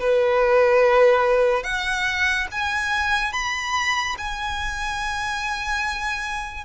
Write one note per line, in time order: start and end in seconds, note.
0.00 1.64 B4
1.64 2.47 F#5
2.52 3.33 G#5
3.33 4.16 B5
4.18 6.65 G#5